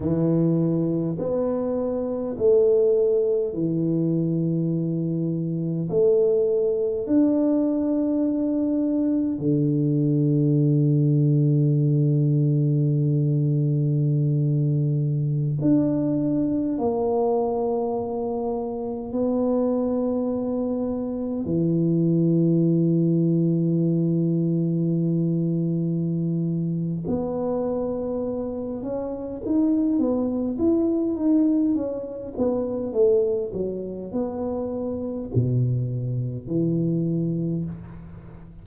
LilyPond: \new Staff \with { instrumentName = "tuba" } { \time 4/4 \tempo 4 = 51 e4 b4 a4 e4~ | e4 a4 d'2 | d1~ | d4~ d16 d'4 ais4.~ ais16~ |
ais16 b2 e4.~ e16~ | e2. b4~ | b8 cis'8 dis'8 b8 e'8 dis'8 cis'8 b8 | a8 fis8 b4 b,4 e4 | }